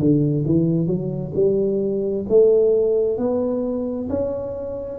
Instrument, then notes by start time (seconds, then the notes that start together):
tuba
0.00 D3
0.46 E3
0.87 F#3
1.35 G3
2.29 A3
3.18 B3
4.10 C#4